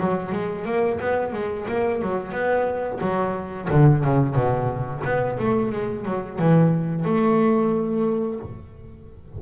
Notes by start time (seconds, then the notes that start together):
0.00 F#3
0.32 G#3
0.65 A#3
1.00 B3
1.32 G#3
1.68 A#3
2.02 F#3
2.32 B3
3.01 F#3
3.70 D3
4.04 C#3
4.35 B2
5.04 B3
5.38 A3
5.72 G#3
6.05 F#3
6.39 E3
7.04 A3